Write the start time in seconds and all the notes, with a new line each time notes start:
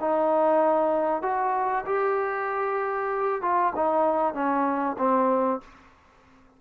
0.00 D#4
1.22 F#4
1.86 G4
3.42 F4
3.75 D#4
4.34 C#4
4.98 C4